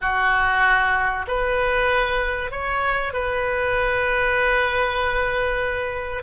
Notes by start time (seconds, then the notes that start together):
0.01 F#4
1.27 B4
2.51 C#5
3.13 B4